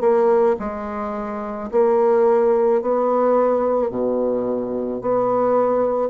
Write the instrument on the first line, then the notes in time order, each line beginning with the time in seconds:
bassoon
0.00 A#3
0.59 G#3
1.71 A#3
2.81 B3
3.89 B2
5.01 B3